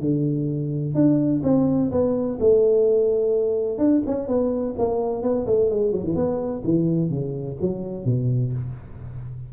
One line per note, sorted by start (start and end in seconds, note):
0.00 0.94 D3
0.94 1.42 D4
1.43 1.91 C4
1.91 2.39 B3
2.40 3.78 A3
3.78 4.02 D4
4.06 4.28 C#4
4.28 4.75 B3
4.78 5.22 A#3
5.22 5.46 B3
5.47 5.70 A3
5.70 5.92 G#3
5.92 6.04 F#3
6.04 6.15 E3
6.15 6.63 B3
6.64 7.10 E3
7.10 7.57 C#3
7.61 8.05 F#3
8.05 8.52 B2